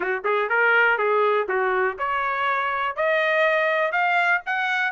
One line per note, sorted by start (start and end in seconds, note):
0.00 0.22 F#4
0.24 0.49 G#4
0.49 0.98 A#4
0.98 1.47 G#4
1.48 1.97 F#4
1.98 2.96 C#5
2.96 3.91 D#5
3.91 4.41 F5
4.46 4.91 F#5